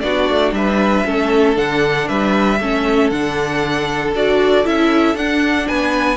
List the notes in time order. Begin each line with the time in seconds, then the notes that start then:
0.00 B3 D4 F#4 D5
0.29 A3
0.51 G3 B4 E5
1.05 A3 C#4 A4
1.55 D3 D4 F#5
2.08 G3 B4 E5
2.59 A3 C#4 A4
3.10 D3 D4 F#5
4.13 D4 F#4 D5
4.64 C#4 E4 E5
5.15 D4 F#5
5.67 B3 B4 G#5